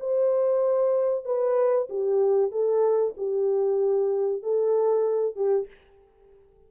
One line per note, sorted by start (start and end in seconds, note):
0.00 1.25 C5
1.25 1.88 B4
1.90 2.51 G4
2.51 3.15 A4
3.17 4.43 G4
4.43 5.36 A4
5.36 5.68 G4